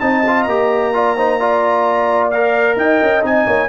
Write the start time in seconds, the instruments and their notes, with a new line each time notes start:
0.00 tuba C4, trombone D#4, horn D#5, trumpet A5
0.27 trombone F4
0.42 tuba A#3, trumpet A#5
0.48 trombone G4
0.93 trombone F4, horn D5
1.16 trombone D#4, horn C5
1.40 trombone F4, horn D5
2.30 trombone A#4, trumpet F5
2.76 tuba D#4, horn D#5, trumpet G5
3.02 tuba C#4
3.22 tuba C4, trombone D#4, trumpet G#5
3.46 tuba A#3, horn C#5